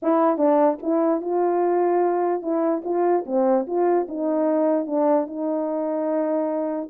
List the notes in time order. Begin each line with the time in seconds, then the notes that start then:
0.02 E4
0.37 D4
0.82 E4
1.21 F4
2.42 E4
2.84 F4
3.26 C4
3.66 F4
4.08 D#4
4.86 D4
5.26 D#4